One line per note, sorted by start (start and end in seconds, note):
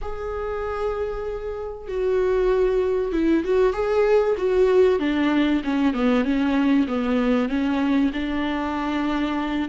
0.01 1.88 G#4
1.88 3.12 F#4
3.12 3.43 E4
3.44 3.73 F#4
3.73 4.35 G#4
4.37 4.99 F#4
4.99 5.61 D4
5.63 5.93 C#4
5.93 6.24 B3
6.24 6.87 C#4
6.87 7.48 B3
7.48 8.11 C#4
8.13 9.68 D4